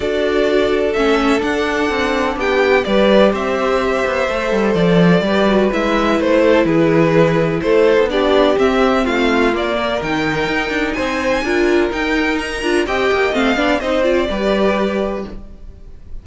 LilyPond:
<<
  \new Staff \with { instrumentName = "violin" } { \time 4/4 \tempo 4 = 126 d''2 e''4 fis''4~ | fis''4 g''4 d''4 e''4~ | e''2 d''2 | e''4 c''4 b'2 |
c''4 d''4 e''4 f''4 | d''4 g''2 gis''4~ | gis''4 g''4 ais''4 g''4 | f''4 dis''8 d''2~ d''8 | }
  \new Staff \with { instrumentName = "violin" } { \time 4/4 a'1~ | a'4 g'4 b'4 c''4~ | c''2. b'4~ | b'4. a'8 gis'2 |
a'4 g'2 f'4~ | f'8 ais'2~ ais'8 c''4 | ais'2. dis''4~ | dis''8 d''8 c''4 b'2 | }
  \new Staff \with { instrumentName = "viola" } { \time 4/4 fis'2 cis'4 d'4~ | d'2 g'2~ | g'4 a'2 g'8 fis'8 | e'1~ |
e'4 d'4 c'2 | ais4 dis'2. | f'4 dis'4. f'8 g'4 | c'8 d'8 dis'8 f'8 g'2 | }
  \new Staff \with { instrumentName = "cello" } { \time 4/4 d'2 a4 d'4 | c'4 b4 g4 c'4~ | c'8 b8 a8 g8 f4 g4 | gis4 a4 e2 |
a8. b4~ b16 c'4 a4 | ais4 dis4 dis'8 d'8 c'4 | d'4 dis'4. d'8 c'8 ais8 | a8 b8 c'4 g2 | }
>>